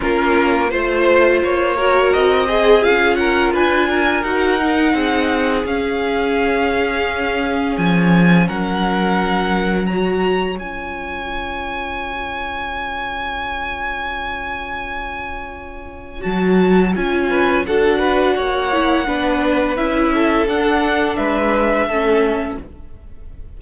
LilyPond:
<<
  \new Staff \with { instrumentName = "violin" } { \time 4/4 \tempo 4 = 85 ais'4 c''4 cis''4 dis''4 | f''8 fis''8 gis''4 fis''2 | f''2. gis''4 | fis''2 ais''4 gis''4~ |
gis''1~ | gis''2. a''4 | gis''4 fis''2. | e''4 fis''4 e''2 | }
  \new Staff \with { instrumentName = "violin" } { \time 4/4 f'4 c''4. ais'4 gis'8~ | gis'8 ais'8 b'8 ais'4. gis'4~ | gis'1 | ais'2 cis''2~ |
cis''1~ | cis''1~ | cis''8 b'8 a'8 b'8 cis''4 b'4~ | b'8 a'4. b'4 a'4 | }
  \new Staff \with { instrumentName = "viola" } { \time 4/4 cis'4 f'4. fis'4 gis'8 | f'2 fis'8 dis'4. | cis'1~ | cis'2 fis'4 f'4~ |
f'1~ | f'2. fis'4 | f'4 fis'4. e'8 d'4 | e'4 d'2 cis'4 | }
  \new Staff \with { instrumentName = "cello" } { \time 4/4 ais4 a4 ais4 c'4 | cis'4 d'4 dis'4 c'4 | cis'2. f4 | fis2. cis'4~ |
cis'1~ | cis'2. fis4 | cis'4 d'4 ais4 b4 | cis'4 d'4 gis4 a4 | }
>>